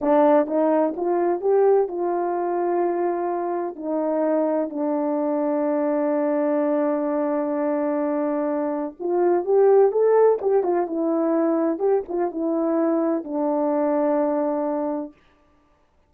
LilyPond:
\new Staff \with { instrumentName = "horn" } { \time 4/4 \tempo 4 = 127 d'4 dis'4 f'4 g'4 | f'1 | dis'2 d'2~ | d'1~ |
d'2. f'4 | g'4 a'4 g'8 f'8 e'4~ | e'4 g'8 f'8 e'2 | d'1 | }